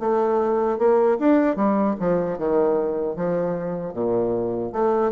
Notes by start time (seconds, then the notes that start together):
0.00 A3
0.79 A#3
1.19 D4
1.56 G3
2.00 F3
2.38 D#3
3.16 F3
3.94 A#2
4.73 A3